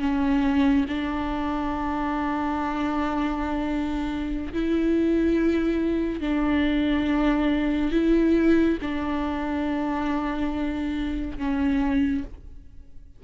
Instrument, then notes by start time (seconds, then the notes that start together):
viola
0.00 C#4
0.89 D4
4.54 E4
6.21 D4
7.92 E4
8.82 D4
11.38 C#4